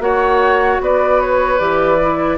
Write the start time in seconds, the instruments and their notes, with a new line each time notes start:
0.00 bassoon A#3, clarinet F#4, oboe C#5, flute F#5
0.81 bassoon B3, oboe B4, flute D5
1.21 flute C#5
1.59 bassoon E3, clarinet G4, flute D5
2.01 clarinet E4